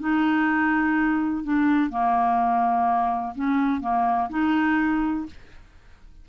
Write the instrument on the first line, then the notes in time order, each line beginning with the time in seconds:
clarinet
0.00 D#4
1.44 D4
1.90 A#3
3.36 C#4
3.82 A#3
4.30 D#4